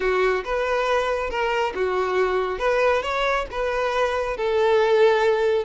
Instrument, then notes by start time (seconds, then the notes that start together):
violin
0.00 F#4
0.44 B4
1.29 A#4
1.75 F#4
2.58 B4
3.02 C#5
3.51 B4
4.37 A4